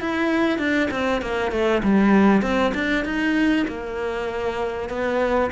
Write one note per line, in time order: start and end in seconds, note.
0.00 0.58 E4
0.58 0.88 D4
0.90 1.21 C4
1.21 1.51 A#3
1.51 1.82 A3
1.83 2.42 G3
2.42 2.72 C4
2.74 3.04 D4
3.04 3.66 D#4
3.67 4.89 A#3
4.89 5.50 B3